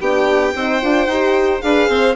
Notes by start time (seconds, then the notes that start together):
0.00 B3 D4 G4 G5
0.56 C4 D#4 C5
0.82 D4 F4
1.07 D#4 G4
1.61 D4 G#4 B4 F5
1.89 C4 C5